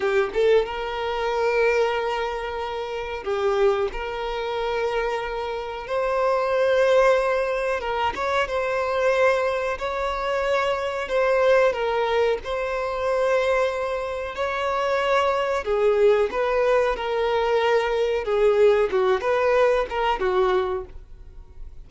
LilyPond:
\new Staff \with { instrumentName = "violin" } { \time 4/4 \tempo 4 = 92 g'8 a'8 ais'2.~ | ais'4 g'4 ais'2~ | ais'4 c''2. | ais'8 cis''8 c''2 cis''4~ |
cis''4 c''4 ais'4 c''4~ | c''2 cis''2 | gis'4 b'4 ais'2 | gis'4 fis'8 b'4 ais'8 fis'4 | }